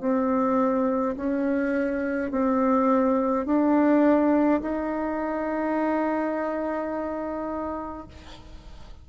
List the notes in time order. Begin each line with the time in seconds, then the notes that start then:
0.00 C4
1.16 C#4
2.31 C4
3.46 D4
4.62 D#4